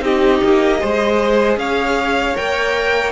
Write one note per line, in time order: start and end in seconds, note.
0.00 0.39 C4
0.00 0.78 D#4
0.00 0.81 G4
0.00 1.58 D#5
0.44 0.82 A#3
0.80 1.57 G#3
0.80 2.35 G#4
0.80 1.58 C5
1.57 2.35 C#4
1.57 3.12 C#5
1.57 2.36 F5
2.35 3.12 A#3
2.35 3.12 A#4
2.35 3.12 G5